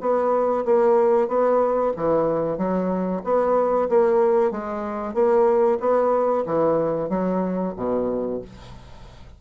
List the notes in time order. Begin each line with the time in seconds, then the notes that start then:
0.00 B3
0.65 A#3
1.28 B3
1.96 E3
2.57 F#3
3.24 B3
3.89 A#3
4.51 G#3
5.14 A#3
5.80 B3
6.46 E3
7.09 F#3
7.76 B2